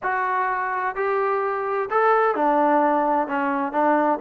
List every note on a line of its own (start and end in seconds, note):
0.02 0.95 F#4
0.95 1.89 G4
1.90 2.35 A4
2.35 3.27 D4
3.27 3.72 C#4
3.72 4.19 D4